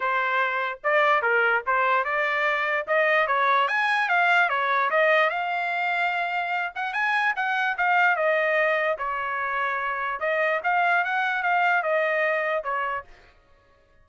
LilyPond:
\new Staff \with { instrumentName = "trumpet" } { \time 4/4 \tempo 4 = 147 c''2 d''4 ais'4 | c''4 d''2 dis''4 | cis''4 gis''4 f''4 cis''4 | dis''4 f''2.~ |
f''8 fis''8 gis''4 fis''4 f''4 | dis''2 cis''2~ | cis''4 dis''4 f''4 fis''4 | f''4 dis''2 cis''4 | }